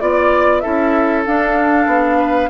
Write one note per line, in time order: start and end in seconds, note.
0.00 0.63 B3
0.00 0.62 F4
0.00 0.60 D5
0.00 0.62 D5
0.60 1.26 C#4
0.60 1.25 E4
0.60 2.18 A4
0.60 1.23 E5
1.26 1.87 D4
1.26 2.50 D4
1.26 2.50 F5
1.87 2.49 B3
2.18 2.49 B4